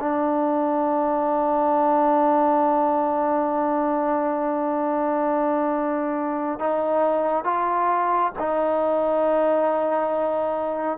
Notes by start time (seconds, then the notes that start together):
0.00 D4
6.60 D#4
7.44 F4
8.39 D#4